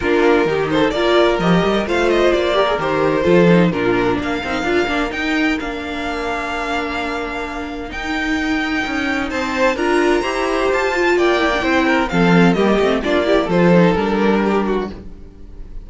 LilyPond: <<
  \new Staff \with { instrumentName = "violin" } { \time 4/4 \tempo 4 = 129 ais'4. c''8 d''4 dis''4 | f''8 dis''8 d''4 c''2 | ais'4 f''2 g''4 | f''1~ |
f''4 g''2. | a''4 ais''2 a''4 | g''2 f''4 dis''4 | d''4 c''4 ais'2 | }
  \new Staff \with { instrumentName = "violin" } { \time 4/4 f'4 g'8 a'8 ais'2 | c''4. ais'4. a'4 | f'4 ais'2.~ | ais'1~ |
ais'1 | c''4 ais'4 c''2 | d''4 c''8 ais'8 a'4 g'4 | f'8 g'8 a'2 g'8 fis'8 | }
  \new Staff \with { instrumentName = "viola" } { \time 4/4 d'4 dis'4 f'4 g'4 | f'4. g'16 gis'16 g'4 f'8 dis'8 | d'4. dis'8 f'8 d'8 dis'4 | d'1~ |
d'4 dis'2.~ | dis'4 f'4 g'4. f'8~ | f'8 e'16 d'16 e'4 c'4 ais8 c'8 | d'8 e'8 f'8 dis'8 d'2 | }
  \new Staff \with { instrumentName = "cello" } { \time 4/4 ais4 dis4 ais4 f8 g8 | a4 ais4 dis4 f4 | ais,4 ais8 c'8 d'8 ais8 dis'4 | ais1~ |
ais4 dis'2 cis'4 | c'4 d'4 e'4 f'4 | ais4 c'4 f4 g8 a8 | ais4 f4 g2 | }
>>